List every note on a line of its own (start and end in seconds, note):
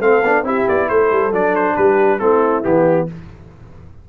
0.00 0.22 A3
0.00 0.24 C4
0.00 0.46 A4
0.00 0.45 F5
0.23 0.43 B3
0.23 0.45 D4
0.43 0.65 C4
0.43 1.32 E4
0.43 0.88 G4
0.43 0.69 E5
0.69 0.90 B3
0.69 0.89 D5
0.88 1.12 A3
0.88 1.75 A4
0.88 1.33 C5
1.12 1.32 G3
1.32 1.76 F#3
1.32 2.20 D4
1.32 1.55 D5
1.55 1.76 C5
1.76 2.21 G3
1.76 2.20 G4
1.76 2.20 B4
2.20 2.65 A3
2.20 2.64 C4
2.20 3.08 E4
2.20 2.64 A4
2.64 3.09 E3
2.64 3.07 B3
2.64 3.08 G4